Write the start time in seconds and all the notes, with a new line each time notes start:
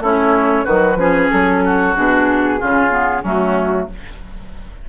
0.00 A3 C#4 E4 C#5
0.64 D#3 F#3 F#4 B4
0.96 F3 C#4 G#4
1.31 F#3 A4
1.65 F#4
1.95 B2 D4 G#4
2.60 C#3 C#4 F4
2.90 B3
3.22 F#3 A3 C#4 F#4